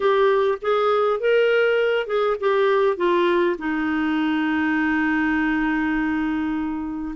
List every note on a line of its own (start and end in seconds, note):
0.00 0.58 G4
0.61 1.20 G#4
1.20 2.06 A#4
2.06 2.36 G#4
2.40 2.96 G4
2.96 3.56 F4
3.58 7.14 D#4